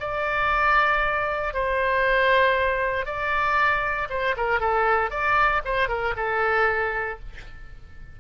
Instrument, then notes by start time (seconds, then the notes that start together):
oboe
0.00 D5
1.54 C5
3.06 D5
4.10 C5
4.37 A#4
4.60 A4
5.10 D5
5.65 C5
5.88 A#4
6.17 A4